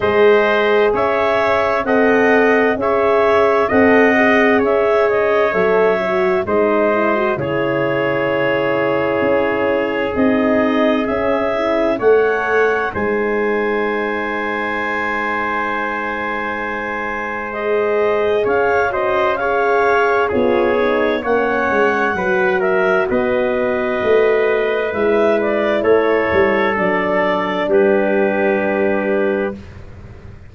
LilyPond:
<<
  \new Staff \with { instrumentName = "clarinet" } { \time 4/4 \tempo 4 = 65 dis''4 e''4 fis''4 e''4 | fis''4 e''8 dis''8 e''4 dis''4 | cis''2. dis''4 | e''4 fis''4 gis''2~ |
gis''2. dis''4 | f''8 dis''8 f''4 cis''4 fis''4~ | fis''8 e''8 dis''2 e''8 d''8 | cis''4 d''4 b'2 | }
  \new Staff \with { instrumentName = "trumpet" } { \time 4/4 c''4 cis''4 dis''4 cis''4 | dis''4 cis''2 c''4 | gis'1~ | gis'4 cis''4 c''2~ |
c''1 | cis''8 c''8 cis''4 gis'4 cis''4 | b'8 ais'8 b'2. | a'2 g'2 | }
  \new Staff \with { instrumentName = "horn" } { \time 4/4 gis'2 a'4 gis'4 | a'8 gis'4. a'8 fis'8 dis'8 e'16 fis'16 | e'2. dis'4 | cis'8 e'8 a'4 dis'2~ |
dis'2. gis'4~ | gis'8 fis'8 gis'4 f'8 dis'8 cis'4 | fis'2. e'4~ | e'4 d'2. | }
  \new Staff \with { instrumentName = "tuba" } { \time 4/4 gis4 cis'4 c'4 cis'4 | c'4 cis'4 fis4 gis4 | cis2 cis'4 c'4 | cis'4 a4 gis2~ |
gis1 | cis'2 b4 ais8 gis8 | fis4 b4 a4 gis4 | a8 g8 fis4 g2 | }
>>